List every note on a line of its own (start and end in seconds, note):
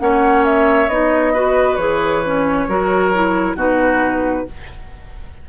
0.00 0.88 A#3
0.00 0.90 C#4
0.00 1.33 C#5
0.00 0.45 F#5
0.45 0.89 E5
0.88 1.78 B3
0.88 1.35 D#4
0.88 1.76 D#5
1.33 1.79 F#4
1.33 2.68 B4
1.76 2.68 E3
1.76 2.24 G#4
1.76 3.55 C#5
2.26 2.69 C#4
2.68 3.55 F#3
2.68 3.14 F#4
2.68 3.57 A#4
3.14 3.57 E4
3.55 4.45 B2
3.55 4.47 D#4
3.55 4.46 F#4
3.55 4.50 B4